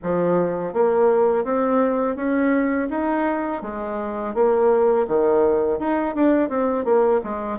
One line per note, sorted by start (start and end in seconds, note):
0.02 0.73 F3
0.73 1.44 A#3
1.44 2.16 C4
2.16 2.88 C#4
2.90 3.61 D#4
3.61 4.34 G#3
4.34 5.06 A#3
5.07 5.79 D#3
5.79 6.14 D#4
6.14 6.49 D4
6.49 6.84 C4
6.84 7.21 A#3
7.23 7.59 G#3